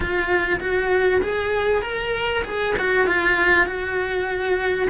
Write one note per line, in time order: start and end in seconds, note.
0.00 0.59 F4
0.60 1.21 F#4
1.21 1.82 G#4
1.82 2.43 A#4
2.44 2.74 G#4
2.79 3.06 F#4
3.06 3.66 F4
3.66 4.88 F#4